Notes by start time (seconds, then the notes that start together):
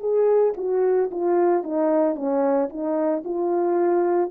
0.00 G#4
0.57 F#4
1.12 F4
1.64 D#4
2.16 C#4
2.70 D#4
3.25 F4